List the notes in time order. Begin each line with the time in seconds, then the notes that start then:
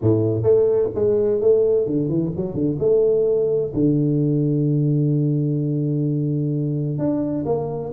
0.01 A2
0.42 A3
0.94 G#3
1.40 A3
1.86 D3
2.08 E3
2.36 F#3
2.54 D3
2.79 A3
3.73 D3
6.98 D4
7.45 A#3